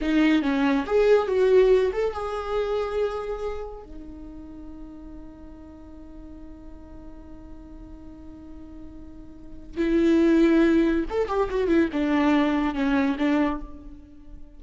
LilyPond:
\new Staff \with { instrumentName = "viola" } { \time 4/4 \tempo 4 = 141 dis'4 cis'4 gis'4 fis'4~ | fis'8 a'8 gis'2.~ | gis'4 dis'2.~ | dis'1~ |
dis'1~ | dis'2. e'4~ | e'2 a'8 g'8 fis'8 e'8 | d'2 cis'4 d'4 | }